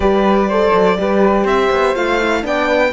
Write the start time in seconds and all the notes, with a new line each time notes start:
0.00 G3 G4 B4 D5
0.48 A4 C5
0.73 F#3
0.98 G3 G4 B4
1.43 C4 C5 E5
1.71 B3
1.95 A3 F4 F5
2.19 E4
2.42 B3 D4 D5 G5
2.67 B4